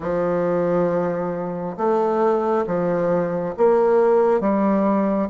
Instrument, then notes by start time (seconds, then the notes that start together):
bassoon
0.00 F3
1.76 A3
2.66 F3
3.57 A#3
4.40 G3